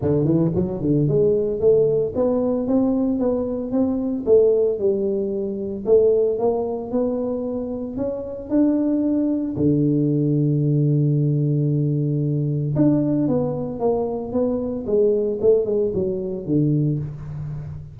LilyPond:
\new Staff \with { instrumentName = "tuba" } { \time 4/4 \tempo 4 = 113 d8 e8 fis8 d8 gis4 a4 | b4 c'4 b4 c'4 | a4 g2 a4 | ais4 b2 cis'4 |
d'2 d2~ | d1 | d'4 b4 ais4 b4 | gis4 a8 gis8 fis4 d4 | }